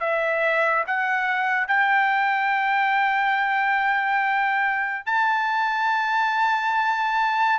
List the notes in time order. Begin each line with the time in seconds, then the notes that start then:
0.00 E5
0.87 F#5
1.68 G5
5.06 A5